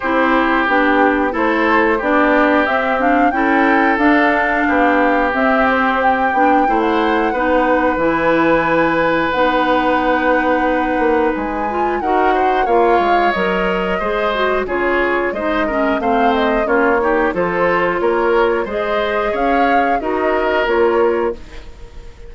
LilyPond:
<<
  \new Staff \with { instrumentName = "flute" } { \time 4/4 \tempo 4 = 90 c''4 g'4 c''4 d''4 | e''8 f''8 g''4 f''2 | e''8 c''8 g''4~ g''16 fis''4.~ fis''16 | gis''2 fis''2~ |
fis''4 gis''4 fis''4 f''4 | dis''2 cis''4 dis''4 | f''8 dis''8 cis''4 c''4 cis''4 | dis''4 f''4 dis''4 cis''4 | }
  \new Staff \with { instrumentName = "oboe" } { \time 4/4 g'2 a'4 g'4~ | g'4 a'2 g'4~ | g'2 c''4 b'4~ | b'1~ |
b'2 ais'8 c''8 cis''4~ | cis''4 c''4 gis'4 c''8 ais'8 | c''4 f'8 g'8 a'4 ais'4 | c''4 cis''4 ais'2 | }
  \new Staff \with { instrumentName = "clarinet" } { \time 4/4 e'4 d'4 e'4 d'4 | c'8 d'8 e'4 d'2 | c'4. d'8 e'4 dis'4 | e'2 dis'2~ |
dis'4. f'8 fis'4 f'4 | ais'4 gis'8 fis'8 f'4 dis'8 cis'8 | c'4 cis'8 dis'8 f'2 | gis'2 fis'4 f'4 | }
  \new Staff \with { instrumentName = "bassoon" } { \time 4/4 c'4 b4 a4 b4 | c'4 cis'4 d'4 b4 | c'4. b8 a4 b4 | e2 b2~ |
b8 ais8 gis4 dis'4 ais8 gis8 | fis4 gis4 cis4 gis4 | a4 ais4 f4 ais4 | gis4 cis'4 dis'4 ais4 | }
>>